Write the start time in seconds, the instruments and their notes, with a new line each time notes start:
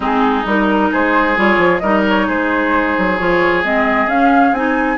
0.00 bassoon G#3, clarinet C4, oboe D#4, flute G#4
0.45 bassoon G3, clarinet D#4, flute A#4
0.91 bassoon G#3, oboe G#4, flute C5
1.36 bassoon G3, clarinet F4, flute C#5
1.57 bassoon F3
1.78 bassoon G3, clarinet D#4, oboe A#4, flute D#5
2.08 flute C#5
2.26 bassoon G#3, oboe G#4, flute C5
2.98 bassoon F#3
3.18 bassoon F3, clarinet F4, flute C#5
3.63 bassoon G#3, clarinet C4, flute D#5
4.06 bassoon C#4, clarinet C#4, flute F5
4.52 bassoon C4, clarinet D#4, flute G#5